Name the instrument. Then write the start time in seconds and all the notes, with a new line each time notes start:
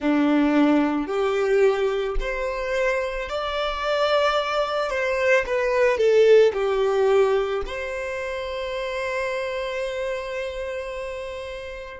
violin
0.00 D4
1.06 G4
2.20 C5
3.29 D5
4.90 C5
5.46 B4
5.97 A4
6.53 G4
7.66 C5